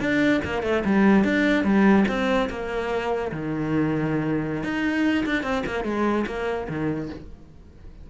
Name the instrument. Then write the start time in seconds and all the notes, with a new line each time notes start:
cello
0.00 D4
0.45 A#3
0.63 A3
0.85 G3
1.24 D4
1.64 G3
2.08 C4
2.49 A#3
3.32 D#3
4.63 D#4
5.26 D4
5.42 C4
5.66 A#3
5.84 G#3
6.27 A#3
6.68 D#3